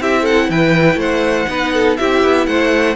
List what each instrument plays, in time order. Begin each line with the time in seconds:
0.00 cello C4, viola E4, violin G4 E5
0.22 violin A4 F#5
0.49 cello E3, violin B4 G5
0.95 cello A3, violin C5 F#5
1.48 cello B3, viola D#4, violin B4
1.73 violin A4
1.97 cello C4, viola E4, violin G4 E5
2.24 cello B3
2.46 cello A3, violin C5 F#5